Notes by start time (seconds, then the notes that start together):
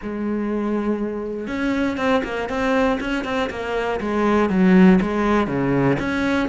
0.02 G#3
1.47 C#4
1.97 C4
2.24 A#3
2.49 C4
3.00 C#4
3.24 C4
3.50 A#3
4.00 G#3
4.49 F#3
5.01 G#3
5.47 C#3
5.99 C#4